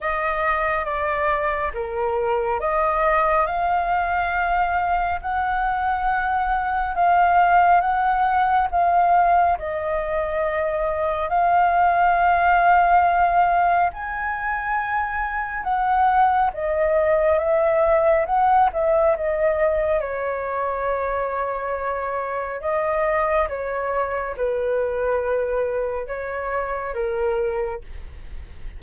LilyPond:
\new Staff \with { instrumentName = "flute" } { \time 4/4 \tempo 4 = 69 dis''4 d''4 ais'4 dis''4 | f''2 fis''2 | f''4 fis''4 f''4 dis''4~ | dis''4 f''2. |
gis''2 fis''4 dis''4 | e''4 fis''8 e''8 dis''4 cis''4~ | cis''2 dis''4 cis''4 | b'2 cis''4 ais'4 | }